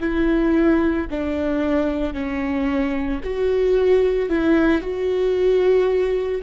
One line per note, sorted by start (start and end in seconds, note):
0.00 1.07 E4
1.10 2.14 D4
2.14 3.21 C#4
3.23 4.29 F#4
4.29 4.81 E4
4.81 6.42 F#4